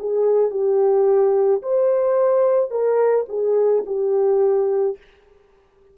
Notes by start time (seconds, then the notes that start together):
0.00 G#4
0.51 G4
1.63 C5
2.71 A#4
3.29 G#4
3.87 G4